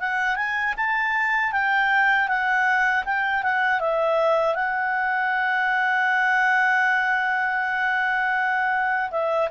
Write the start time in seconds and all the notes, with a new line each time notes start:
0.00 F#5
0.36 G#5
0.77 A5
1.53 G5
2.28 F#5
3.05 G5
3.43 F#5
3.80 E5
4.55 F#5
9.11 E5